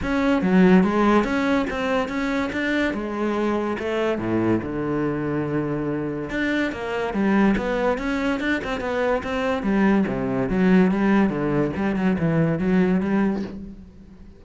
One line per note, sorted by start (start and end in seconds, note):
0.02 0.42 C#4
0.42 0.83 F#3
0.83 1.24 G#3
1.24 1.66 C#4
1.70 2.08 C4
2.08 2.50 C#4
2.52 2.93 D4
2.93 3.77 G#3
3.79 4.18 A3
4.18 4.60 A2
4.62 6.29 D3
6.29 6.71 D4
6.71 7.13 A#3
7.13 7.55 G3
7.57 7.98 B3
7.98 8.39 C#4
8.39 8.60 D4
8.64 8.80 C4
8.80 9.22 B3
9.23 9.62 C4
9.62 10.04 G3
10.07 10.49 C3
10.49 10.91 F#3
10.91 11.29 G3
11.29 11.71 D3
11.76 11.96 G3
11.96 12.17 F#3
12.18 12.58 E3
12.58 13.00 F#3
13.00 13.42 G3